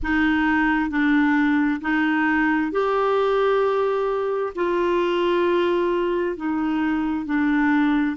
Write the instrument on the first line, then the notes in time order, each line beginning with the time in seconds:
clarinet
0.02 D#4
0.90 D4
1.81 D#4
2.71 G4
4.55 F4
6.36 D#4
7.25 D4